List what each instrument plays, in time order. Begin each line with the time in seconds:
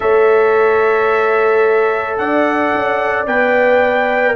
0.00 tuba A3, trombone A4, horn C#5, trumpet E5
2.17 tuba D4, horn D5, trumpet F#5
2.74 tuba C#4
3.26 tuba B3, trombone B4, trumpet G5